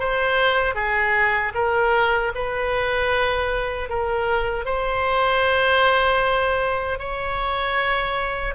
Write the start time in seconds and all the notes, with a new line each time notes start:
0.00 C5
0.75 G#4
1.55 A#4
2.35 B4
3.90 A#4
4.66 C5
6.99 C#5